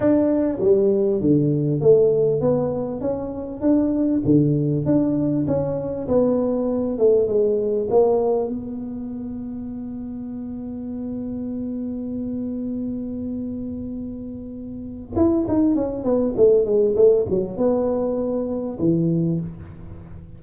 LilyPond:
\new Staff \with { instrumentName = "tuba" } { \time 4/4 \tempo 4 = 99 d'4 g4 d4 a4 | b4 cis'4 d'4 d4 | d'4 cis'4 b4. a8 | gis4 ais4 b2~ |
b1~ | b1~ | b4 e'8 dis'8 cis'8 b8 a8 gis8 | a8 fis8 b2 e4 | }